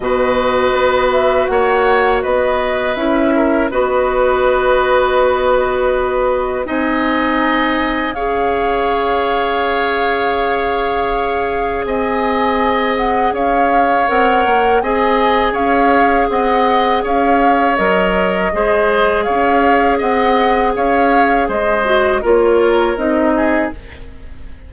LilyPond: <<
  \new Staff \with { instrumentName = "flute" } { \time 4/4 \tempo 4 = 81 dis''4. e''8 fis''4 dis''4 | e''4 dis''2.~ | dis''4 gis''2 f''4~ | f''1 |
gis''4. fis''8 f''4 fis''4 | gis''4 f''4 fis''4 f''4 | dis''2 f''4 fis''4 | f''4 dis''4 cis''4 dis''4 | }
  \new Staff \with { instrumentName = "oboe" } { \time 4/4 b'2 cis''4 b'4~ | b'8 ais'8 b'2.~ | b'4 dis''2 cis''4~ | cis''1 |
dis''2 cis''2 | dis''4 cis''4 dis''4 cis''4~ | cis''4 c''4 cis''4 dis''4 | cis''4 c''4 ais'4. gis'8 | }
  \new Staff \with { instrumentName = "clarinet" } { \time 4/4 fis'1 | e'4 fis'2.~ | fis'4 dis'2 gis'4~ | gis'1~ |
gis'2. ais'4 | gis'1 | ais'4 gis'2.~ | gis'4. fis'8 f'4 dis'4 | }
  \new Staff \with { instrumentName = "bassoon" } { \time 4/4 b,4 b4 ais4 b4 | cis'4 b2.~ | b4 c'2 cis'4~ | cis'1 |
c'2 cis'4 c'8 ais8 | c'4 cis'4 c'4 cis'4 | fis4 gis4 cis'4 c'4 | cis'4 gis4 ais4 c'4 | }
>>